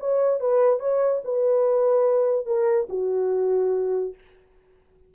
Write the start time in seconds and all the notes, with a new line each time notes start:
0.00 C#5
0.40 B4
0.80 C#5
1.25 B4
2.46 A#4
2.90 F#4